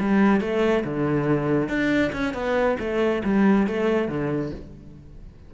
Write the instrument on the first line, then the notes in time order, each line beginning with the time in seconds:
cello
0.00 G3
0.40 A3
0.84 D3
1.68 D4
2.12 C#4
2.34 B3
2.79 A3
3.24 G3
3.67 A3
4.08 D3